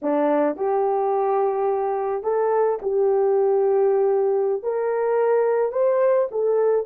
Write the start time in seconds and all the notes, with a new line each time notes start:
0.02 D4
0.56 G4
2.23 A4
2.82 G4
4.63 A#4
5.72 C5
6.31 A4